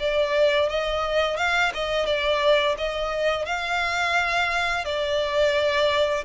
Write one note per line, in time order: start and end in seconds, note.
0.00 0.69 D5
0.69 1.37 D#5
1.37 1.72 F5
1.74 2.06 D#5
2.06 2.76 D5
2.78 3.46 D#5
3.46 4.85 F5
4.85 6.24 D5